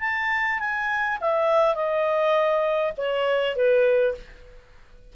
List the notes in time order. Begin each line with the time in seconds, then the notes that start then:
0.00 A5
0.59 G#5
1.20 E5
1.75 D#5
2.97 C#5
3.55 B4